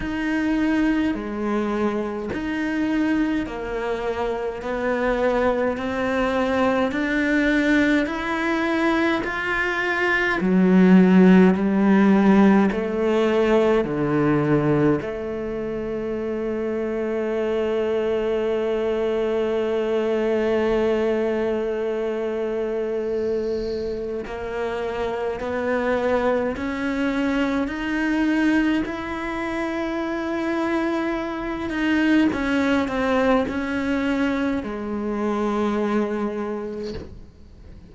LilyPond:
\new Staff \with { instrumentName = "cello" } { \time 4/4 \tempo 4 = 52 dis'4 gis4 dis'4 ais4 | b4 c'4 d'4 e'4 | f'4 fis4 g4 a4 | d4 a2.~ |
a1~ | a4 ais4 b4 cis'4 | dis'4 e'2~ e'8 dis'8 | cis'8 c'8 cis'4 gis2 | }